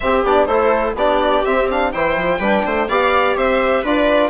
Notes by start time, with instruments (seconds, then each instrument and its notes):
0.00 trombone C4, bassoon C4, viola G4, violin E5
0.24 bassoon B3, trombone D4, violin D5
0.45 bassoon A3, trombone E4, viola A4, violin C5
0.94 bassoon B3, trombone D4, viola G4, violin D5
1.45 bassoon C4, trombone C4, violin E5
1.70 trombone D4, violin F5
1.92 bassoon E3, trombone E4, viola C5, violin G5
2.16 bassoon F3
2.39 bassoon G3, trombone D4, viola B4
2.66 bassoon A3, viola C5
2.88 bassoon B3, trombone G4, viola D5, violin F5
3.36 bassoon C4, viola C5, violin E5
3.81 bassoon D4, trombone F4, viola B4, violin D5